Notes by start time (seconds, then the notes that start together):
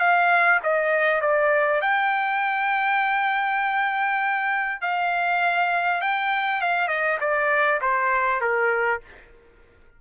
0.00 F5
0.64 D#5
1.21 D5
1.82 G5
4.81 F5
6.01 G5
6.61 F5
6.88 D#5
7.21 D5
7.81 C5
8.41 A#4